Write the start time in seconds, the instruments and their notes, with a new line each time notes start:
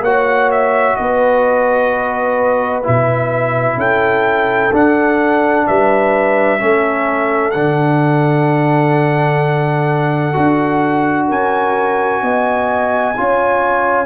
0.00 tuba A#3, trombone F#4, horn C#5, trumpet F#5
0.51 trumpet E5
0.96 tuba B3, horn B4, trumpet D#5
2.83 tuba B2, trombone E4, trumpet E5
3.76 tuba C#4, horn A4, trumpet G5
4.72 tuba D4, trombone D4, trumpet F#5
5.67 tuba G3, horn B4, trumpet E5
6.59 tuba A3, trombone C#4, horn A4
7.51 tuba D3, trombone D4, trumpet F#5
10.33 tuba D4, trombone F#4
11.27 tuba C#4, horn A#4, trumpet G#5
12.22 tuba B3, horn D#5
13.16 tuba C#4, trombone F4, horn C#5